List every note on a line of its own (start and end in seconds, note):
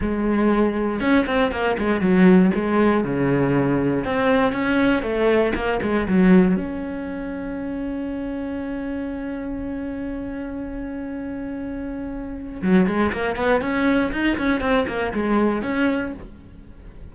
0.00 1.00 G#3
1.00 1.25 C#4
1.26 1.51 C4
1.51 1.76 A#3
1.78 2.00 G#3
2.00 2.51 F#3
2.54 3.03 G#3
3.03 4.04 C#3
4.05 4.52 C4
4.52 5.02 C#4
5.02 5.53 A3
5.54 5.80 A#3
5.81 6.07 G#3
6.08 6.56 F#3
6.56 12.61 C#4
12.62 12.86 F#3
12.86 13.12 G#3
13.12 13.36 A#3
13.36 13.61 B3
13.61 14.11 C#4
14.12 14.37 D#4
14.37 14.61 C#4
14.61 14.86 C4
14.87 15.12 A#3
15.13 15.62 G#3
15.62 16.13 C#4